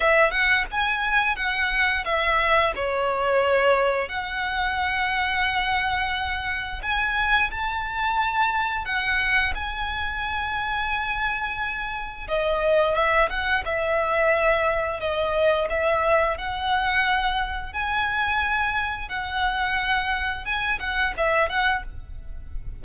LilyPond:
\new Staff \with { instrumentName = "violin" } { \time 4/4 \tempo 4 = 88 e''8 fis''8 gis''4 fis''4 e''4 | cis''2 fis''2~ | fis''2 gis''4 a''4~ | a''4 fis''4 gis''2~ |
gis''2 dis''4 e''8 fis''8 | e''2 dis''4 e''4 | fis''2 gis''2 | fis''2 gis''8 fis''8 e''8 fis''8 | }